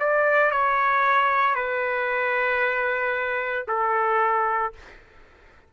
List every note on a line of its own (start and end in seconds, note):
0.00 0.51 D5
0.51 1.56 C#5
1.56 3.66 B4
3.68 4.74 A4